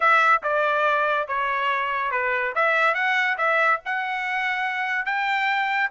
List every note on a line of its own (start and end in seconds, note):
0.00 0.42 E5
0.42 1.27 D5
1.27 2.11 C#5
2.11 2.53 B4
2.55 2.94 E5
2.94 3.36 F#5
3.37 3.80 E5
3.85 5.05 F#5
5.05 5.90 G5